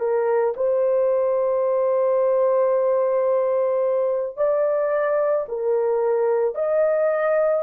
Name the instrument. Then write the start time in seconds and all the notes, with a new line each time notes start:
horn
0.00 A#4
0.57 C5
4.37 D5
5.48 A#4
6.55 D#5